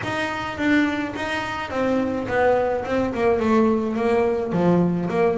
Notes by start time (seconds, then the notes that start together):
0.03 D#4
0.57 D4
1.15 D#4
1.70 C4
2.28 B3
2.85 C4
3.14 A#3
3.39 A3
3.96 A#3
4.52 F3
5.09 A#3